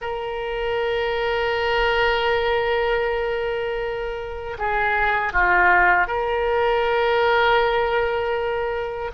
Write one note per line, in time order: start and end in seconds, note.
0.01 4.57 A#4
4.58 5.32 G#4
5.32 6.07 F4
6.07 9.11 A#4